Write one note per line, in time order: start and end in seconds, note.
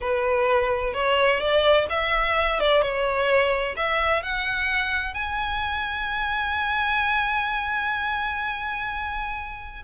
0.01 0.93 B4
0.93 1.39 C#5
1.39 1.86 D5
1.89 2.60 E5
2.60 2.82 D5
2.82 3.75 C#5
3.76 4.22 E5
4.22 5.14 F#5
5.14 9.82 G#5